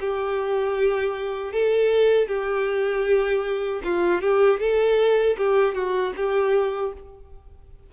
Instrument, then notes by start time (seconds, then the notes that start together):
violin
0.00 G4
1.52 A4
2.28 G4
3.84 F4
4.21 G4
4.60 A4
5.37 G4
5.74 F#4
6.16 G4